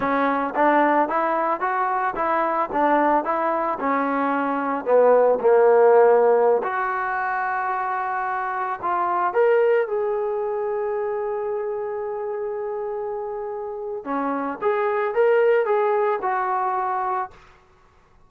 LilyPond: \new Staff \with { instrumentName = "trombone" } { \time 4/4 \tempo 4 = 111 cis'4 d'4 e'4 fis'4 | e'4 d'4 e'4 cis'4~ | cis'4 b4 ais2~ | ais16 fis'2.~ fis'8.~ |
fis'16 f'4 ais'4 gis'4.~ gis'16~ | gis'1~ | gis'2 cis'4 gis'4 | ais'4 gis'4 fis'2 | }